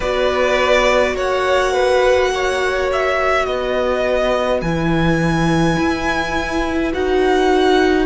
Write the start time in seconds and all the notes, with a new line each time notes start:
0.00 B3 F#4 B4 D5
1.14 A#3 C#5 F#5
1.73 B4
2.34 C#5
2.92 E5
3.45 B3 B4 D#5
4.61 E3 E4 G#5
5.78 E4
6.92 D#4 F#4 F#5